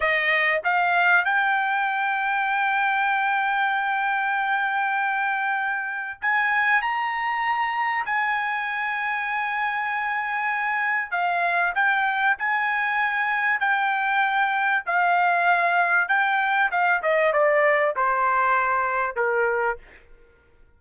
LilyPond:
\new Staff \with { instrumentName = "trumpet" } { \time 4/4 \tempo 4 = 97 dis''4 f''4 g''2~ | g''1~ | g''2 gis''4 ais''4~ | ais''4 gis''2.~ |
gis''2 f''4 g''4 | gis''2 g''2 | f''2 g''4 f''8 dis''8 | d''4 c''2 ais'4 | }